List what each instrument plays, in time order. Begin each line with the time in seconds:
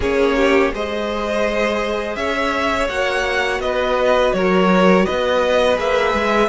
0.00 cello A#3, viola C#4, violin G#4 C#5
0.36 violin G4
0.72 cello G#3, viola G#4, violin C5 D#5
2.15 cello C#4, violin C#5 E5
2.88 cello A#3, viola F#4, violin F#5
3.59 cello B3, violin B4 D#5
4.33 cello F#3, violin A#4 C#5
5.05 cello B3, violin B4 D#5
5.75 cello A#3, viola G#4, violin E5
6.13 cello G#3